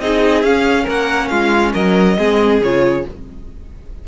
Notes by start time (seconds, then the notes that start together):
0.00 C4 D#4 G#4 D#5
0.43 C#4 F5
0.83 A#3 A#4
0.89 F#5
1.28 G#3 F4 F5
1.73 F#3 A#4 D#5
2.18 G#3 C4 G#4
2.61 C#3 F4 C#5